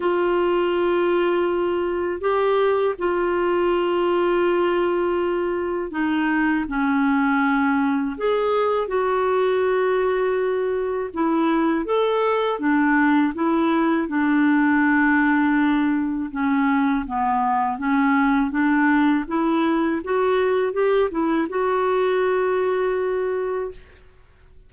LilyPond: \new Staff \with { instrumentName = "clarinet" } { \time 4/4 \tempo 4 = 81 f'2. g'4 | f'1 | dis'4 cis'2 gis'4 | fis'2. e'4 |
a'4 d'4 e'4 d'4~ | d'2 cis'4 b4 | cis'4 d'4 e'4 fis'4 | g'8 e'8 fis'2. | }